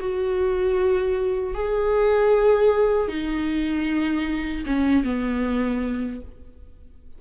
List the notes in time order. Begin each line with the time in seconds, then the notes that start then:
0.00 F#4
1.54 G#4
3.09 D#4
4.67 C#4
5.04 B3